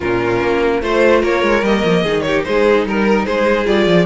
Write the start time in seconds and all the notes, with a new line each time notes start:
0.00 A#2 C#4 F4 A#4
0.41 A#3
0.82 A3 F4 C5
1.21 A#3 A#4 C#5
1.42 G#3
1.62 G3 A#3 D#5
1.84 F3
2.02 D#3 D#4 G#4
2.21 G4 C#5
2.44 G#3 G#4 C5
2.85 G3 A#4
3.25 G#3 G#4 C5
3.65 G3 F4 D5
3.86 F3